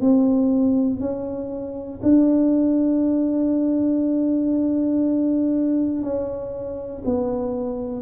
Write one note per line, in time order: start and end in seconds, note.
0.00 1.00 C4
1.00 2.00 C#4
2.03 6.03 D4
6.03 7.03 C#4
7.05 8.02 B3